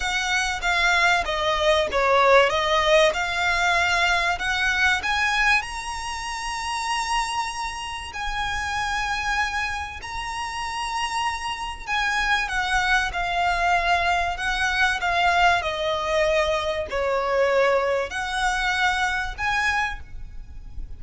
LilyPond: \new Staff \with { instrumentName = "violin" } { \time 4/4 \tempo 4 = 96 fis''4 f''4 dis''4 cis''4 | dis''4 f''2 fis''4 | gis''4 ais''2.~ | ais''4 gis''2. |
ais''2. gis''4 | fis''4 f''2 fis''4 | f''4 dis''2 cis''4~ | cis''4 fis''2 gis''4 | }